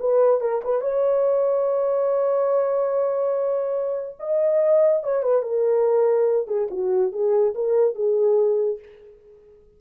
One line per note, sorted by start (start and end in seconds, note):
0.00 0.41 B4
0.41 0.62 A#4
0.64 0.81 B4
0.81 4.17 C#5
4.20 5.03 D#5
5.03 5.23 C#5
5.23 5.43 B4
5.43 6.47 A#4
6.47 6.68 G#4
6.71 7.13 F#4
7.13 7.54 G#4
7.55 7.95 A#4
7.95 8.79 G#4